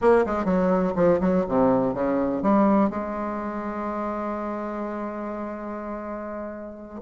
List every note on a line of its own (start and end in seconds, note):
0.01 0.25 A#3
0.26 0.44 G#3
0.44 0.93 F#3
0.95 1.20 F3
1.20 1.44 F#3
1.48 1.94 C3
1.94 2.42 C#3
2.42 2.90 G3
2.90 7.01 G#3